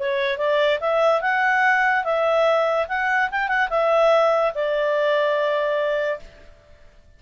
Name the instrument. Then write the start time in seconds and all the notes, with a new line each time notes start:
clarinet
0.00 C#5
0.38 D5
0.81 E5
1.22 F#5
2.05 E5
2.89 F#5
3.32 G5
3.49 F#5
3.70 E5
4.55 D5